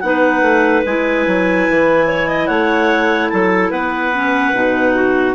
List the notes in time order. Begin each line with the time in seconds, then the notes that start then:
0.00 B3 D#4 B4 F#5
0.41 A3
0.86 G#3 E4 G#5
1.27 F#3
1.70 E3
2.08 C#5
2.28 D#5
2.47 A3 C#5 F#5
3.29 F#3 A4 A5
3.71 B3 B4 F#5
4.14 C#4
4.53 B2 D#4
4.95 F#4